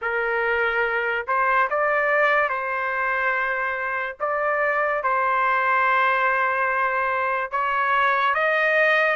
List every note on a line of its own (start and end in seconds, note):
0.01 1.26 A#4
1.27 1.69 C5
1.70 2.49 D5
2.49 4.16 C5
4.20 5.03 D5
5.03 7.51 C5
7.51 8.34 C#5
8.34 9.16 D#5